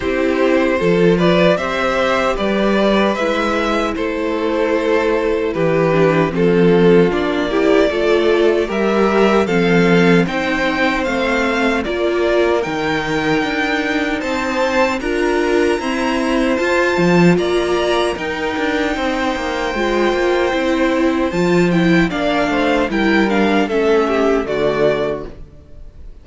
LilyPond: <<
  \new Staff \with { instrumentName = "violin" } { \time 4/4 \tempo 4 = 76 c''4. d''8 e''4 d''4 | e''4 c''2 b'4 | a'4 d''2 e''4 | f''4 g''4 f''4 d''4 |
g''2 a''4 ais''4~ | ais''4 a''4 ais''4 g''4~ | g''2. a''8 g''8 | f''4 g''8 f''8 e''4 d''4 | }
  \new Staff \with { instrumentName = "violin" } { \time 4/4 g'4 a'8 b'8 c''4 b'4~ | b'4 a'2 g'4 | f'4. g'8 a'4 ais'4 | a'4 c''2 ais'4~ |
ais'2 c''4 ais'4 | c''2 d''4 ais'4 | c''1 | d''8 c''8 ais'4 a'8 g'8 fis'4 | }
  \new Staff \with { instrumentName = "viola" } { \time 4/4 e'4 f'4 g'2 | e'2.~ e'8 d'8 | c'4 d'8 e'8 f'4 g'4 | c'4 dis'4 c'4 f'4 |
dis'2. f'4 | c'4 f'2 dis'4~ | dis'4 f'4 e'4 f'8 e'8 | d'4 e'8 d'8 cis'4 a4 | }
  \new Staff \with { instrumentName = "cello" } { \time 4/4 c'4 f4 c'4 g4 | gis4 a2 e4 | f4 ais4 a4 g4 | f4 c'4 a4 ais4 |
dis4 d'4 c'4 d'4 | e'4 f'8 f8 ais4 dis'8 d'8 | c'8 ais8 gis8 ais8 c'4 f4 | ais8 a8 g4 a4 d4 | }
>>